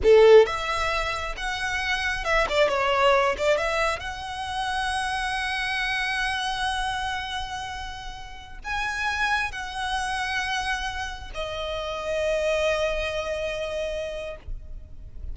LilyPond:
\new Staff \with { instrumentName = "violin" } { \time 4/4 \tempo 4 = 134 a'4 e''2 fis''4~ | fis''4 e''8 d''8 cis''4. d''8 | e''4 fis''2.~ | fis''1~ |
fis''2.~ fis''16 gis''8.~ | gis''4~ gis''16 fis''2~ fis''8.~ | fis''4~ fis''16 dis''2~ dis''8.~ | dis''1 | }